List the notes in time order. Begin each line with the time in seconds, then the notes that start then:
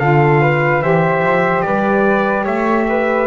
0.00 D3 F4 A4 F5
0.42 B4
0.82 E3 G4 C5 E5
1.22 F3
1.62 G3 B4 D5
2.44 A3 C#5 E5
2.89 B4